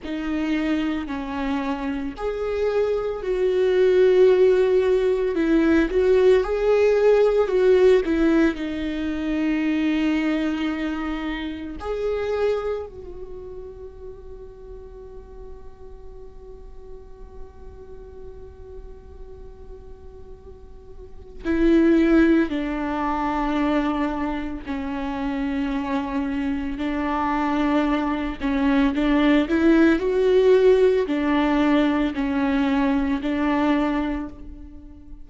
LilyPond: \new Staff \with { instrumentName = "viola" } { \time 4/4 \tempo 4 = 56 dis'4 cis'4 gis'4 fis'4~ | fis'4 e'8 fis'8 gis'4 fis'8 e'8 | dis'2. gis'4 | fis'1~ |
fis'1 | e'4 d'2 cis'4~ | cis'4 d'4. cis'8 d'8 e'8 | fis'4 d'4 cis'4 d'4 | }